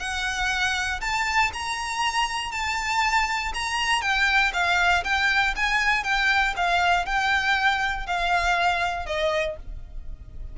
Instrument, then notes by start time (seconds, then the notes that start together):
violin
0.00 F#5
1.01 A5
1.54 A#5
2.52 A5
3.54 A#5
4.02 G5
4.54 F5
5.04 G5
5.56 G#5
6.04 G5
6.57 F5
7.06 G5
8.07 F5
9.06 D#5